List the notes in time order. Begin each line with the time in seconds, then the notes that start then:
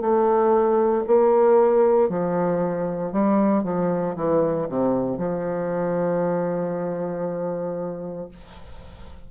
0.00 A3
1.07 A#3
2.09 F3
3.12 G3
3.63 F3
4.16 E3
4.69 C3
5.18 F3